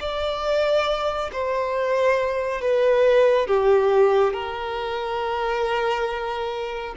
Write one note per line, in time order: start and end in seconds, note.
0.00 1.30 D5
1.33 2.61 C5
2.61 3.47 B4
3.47 4.34 G4
4.34 6.94 A#4